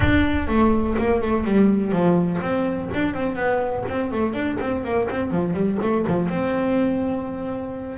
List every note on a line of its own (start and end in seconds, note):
0.00 0.47 D4
0.47 0.96 A3
0.98 1.21 A#3
1.21 1.44 A3
1.44 1.92 G3
1.92 2.40 F3
2.41 2.90 C4
2.93 3.13 D4
3.13 3.35 C4
3.35 3.84 B3
3.88 4.11 C4
4.11 4.33 A3
4.33 4.57 D4
4.60 4.84 C4
4.84 5.08 A#3
5.09 5.30 C4
5.30 5.53 F3
5.53 5.78 G3
5.81 6.05 A3
6.07 6.29 F3
6.29 7.98 C4